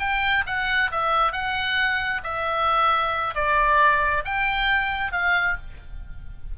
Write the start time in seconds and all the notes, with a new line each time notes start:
0.00 G5
0.46 F#5
0.92 E5
1.32 F#5
2.24 E5
3.35 D5
4.25 G5
5.12 F5